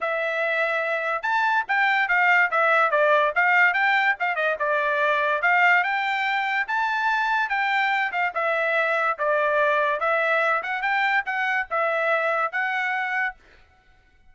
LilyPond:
\new Staff \with { instrumentName = "trumpet" } { \time 4/4 \tempo 4 = 144 e''2. a''4 | g''4 f''4 e''4 d''4 | f''4 g''4 f''8 dis''8 d''4~ | d''4 f''4 g''2 |
a''2 g''4. f''8 | e''2 d''2 | e''4. fis''8 g''4 fis''4 | e''2 fis''2 | }